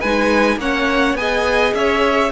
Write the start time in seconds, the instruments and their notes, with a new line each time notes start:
0.00 cello G#3, viola D#4, violin B4 G#5
0.57 cello A#3, viola C#4, violin C#5 F#5
1.15 cello B3, viola G#4, violin D#5 G#5
1.74 cello C#4, violin C#5 E5